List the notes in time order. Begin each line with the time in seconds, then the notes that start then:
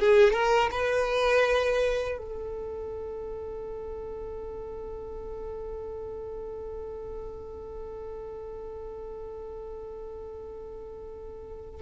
0.00 G#4
0.33 A#4
0.72 B4
2.19 A4